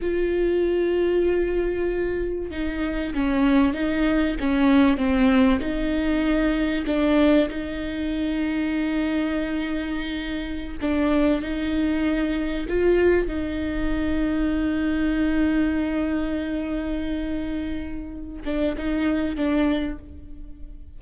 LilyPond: \new Staff \with { instrumentName = "viola" } { \time 4/4 \tempo 4 = 96 f'1 | dis'4 cis'4 dis'4 cis'4 | c'4 dis'2 d'4 | dis'1~ |
dis'4~ dis'16 d'4 dis'4.~ dis'16~ | dis'16 f'4 dis'2~ dis'8.~ | dis'1~ | dis'4. d'8 dis'4 d'4 | }